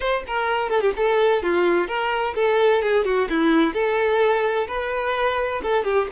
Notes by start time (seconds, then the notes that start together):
0.00 C5
0.27 A#4
0.69 A4
0.81 G4
0.96 A4
1.43 F4
1.87 A#4
2.35 A4
2.82 G#4
3.05 F#4
3.29 E4
3.73 A4
4.67 B4
5.62 A4
5.84 G4